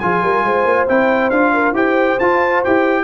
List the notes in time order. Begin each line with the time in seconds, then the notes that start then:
0.00 F3 F4 G#4 G#5
0.23 G3 A#4
0.44 G#3 C5
0.65 A#3
0.88 C4 E4 G5
1.30 D4 F4 F5
1.54 A#4
1.73 E4 G4 C5 G5
2.20 F4 A5
2.64 E4 G4 G5